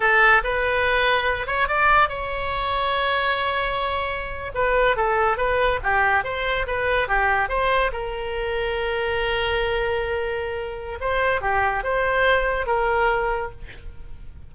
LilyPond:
\new Staff \with { instrumentName = "oboe" } { \time 4/4 \tempo 4 = 142 a'4 b'2~ b'8 cis''8 | d''4 cis''2.~ | cis''2~ cis''8. b'4 a'16~ | a'8. b'4 g'4 c''4 b'16~ |
b'8. g'4 c''4 ais'4~ ais'16~ | ais'1~ | ais'2 c''4 g'4 | c''2 ais'2 | }